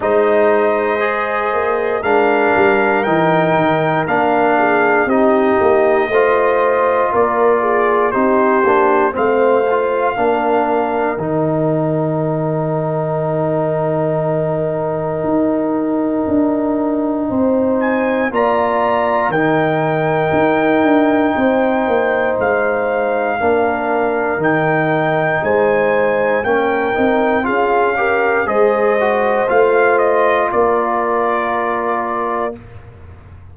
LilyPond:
<<
  \new Staff \with { instrumentName = "trumpet" } { \time 4/4 \tempo 4 = 59 dis''2 f''4 g''4 | f''4 dis''2 d''4 | c''4 f''2 g''4~ | g''1~ |
g''4. gis''8 ais''4 g''4~ | g''2 f''2 | g''4 gis''4 g''4 f''4 | dis''4 f''8 dis''8 d''2 | }
  \new Staff \with { instrumentName = "horn" } { \time 4/4 c''2 ais'2~ | ais'8 gis'8 g'4 c''4 ais'8 gis'8 | g'4 c''4 ais'2~ | ais'1~ |
ais'4 c''4 d''4 ais'4~ | ais'4 c''2 ais'4~ | ais'4 c''4 ais'4 gis'8 ais'8 | c''2 ais'2 | }
  \new Staff \with { instrumentName = "trombone" } { \time 4/4 dis'4 gis'4 d'4 dis'4 | d'4 dis'4 f'2 | dis'8 d'8 c'8 f'8 d'4 dis'4~ | dis'1~ |
dis'2 f'4 dis'4~ | dis'2. d'4 | dis'2 cis'8 dis'8 f'8 g'8 | gis'8 fis'8 f'2. | }
  \new Staff \with { instrumentName = "tuba" } { \time 4/4 gis4. ais8 gis8 g8 e8 dis8 | ais4 c'8 ais8 a4 ais4 | c'8 ais8 a4 ais4 dis4~ | dis2. dis'4 |
d'4 c'4 ais4 dis4 | dis'8 d'8 c'8 ais8 gis4 ais4 | dis4 gis4 ais8 c'8 cis'4 | gis4 a4 ais2 | }
>>